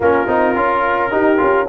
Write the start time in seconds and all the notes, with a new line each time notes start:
0.00 A#3 C#4 F4 A#4
0.27 C4 D#4
0.55 C#4 F4
1.11 D#4 G4
1.37 C#4 F4